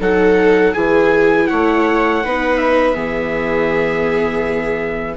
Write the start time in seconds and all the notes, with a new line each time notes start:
0.00 F#3 D#4 A4 F#5
0.73 E3 E4 G#4 G#5
1.47 A3 C#5 F#5
2.24 B3 D#4 B4
2.58 E5
2.94 E3 B3 G#4